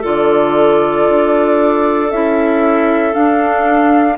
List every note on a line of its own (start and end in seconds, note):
0.00 1.08 D3
0.00 2.10 F4
0.00 4.14 A4
0.00 2.11 D5
1.09 2.11 D4
2.11 3.15 C#4
2.11 3.12 E4
2.11 3.13 E5
3.12 4.16 D4
3.12 4.18 D4
3.12 4.17 F5